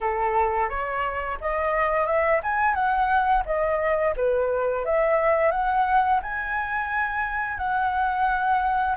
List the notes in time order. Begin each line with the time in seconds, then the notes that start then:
0.00 A4
0.69 C#5
1.40 D#5
2.06 E5
2.43 G#5
2.74 F#5
3.45 D#5
4.16 B4
4.85 E5
5.51 F#5
6.22 G#5
7.57 F#5